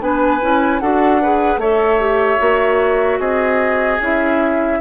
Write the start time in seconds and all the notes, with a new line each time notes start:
0.00 B3 D4 B4 G#5
0.41 C#4 E4
0.79 D4 F#4 A4 F#5
1.22 G#4 B4
1.57 A3 A4 C#5 E5
2.00 G4
2.38 A#3 F#4
3.19 C4 G#4 D#5
4.00 C#4 E4 E5